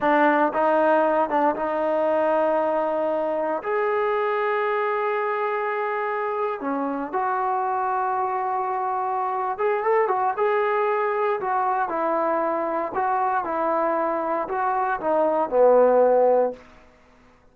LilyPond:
\new Staff \with { instrumentName = "trombone" } { \time 4/4 \tempo 4 = 116 d'4 dis'4. d'8 dis'4~ | dis'2. gis'4~ | gis'1~ | gis'8. cis'4 fis'2~ fis'16~ |
fis'2~ fis'8 gis'8 a'8 fis'8 | gis'2 fis'4 e'4~ | e'4 fis'4 e'2 | fis'4 dis'4 b2 | }